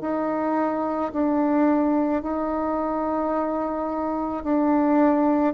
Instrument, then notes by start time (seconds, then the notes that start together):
bassoon
0.00 D#4
1.12 D4
2.22 D#4
4.43 D4